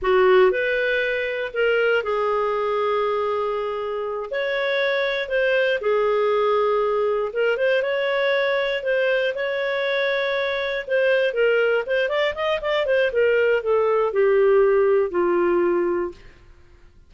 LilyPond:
\new Staff \with { instrumentName = "clarinet" } { \time 4/4 \tempo 4 = 119 fis'4 b'2 ais'4 | gis'1~ | gis'8 cis''2 c''4 gis'8~ | gis'2~ gis'8 ais'8 c''8 cis''8~ |
cis''4. c''4 cis''4.~ | cis''4. c''4 ais'4 c''8 | d''8 dis''8 d''8 c''8 ais'4 a'4 | g'2 f'2 | }